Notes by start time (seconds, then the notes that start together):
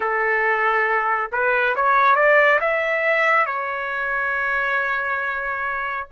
0.00 A4
1.32 B4
1.75 C#5
2.15 D5
2.60 E5
3.46 C#5